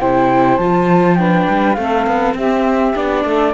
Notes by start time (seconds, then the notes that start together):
0.00 C3 E4 C5 G5
0.57 F3 F4 A5
1.15 D4 B4 G5
1.49 G3
1.74 A3 C4 A4 F5
2.06 B3
2.34 C4 G4 E5
2.94 B3 D4 D5
3.25 A3 A4